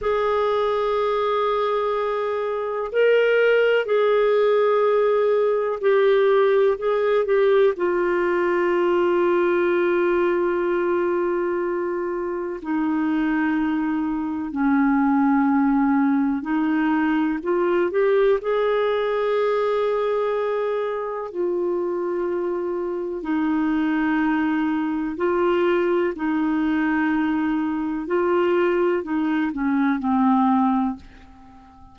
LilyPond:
\new Staff \with { instrumentName = "clarinet" } { \time 4/4 \tempo 4 = 62 gis'2. ais'4 | gis'2 g'4 gis'8 g'8 | f'1~ | f'4 dis'2 cis'4~ |
cis'4 dis'4 f'8 g'8 gis'4~ | gis'2 f'2 | dis'2 f'4 dis'4~ | dis'4 f'4 dis'8 cis'8 c'4 | }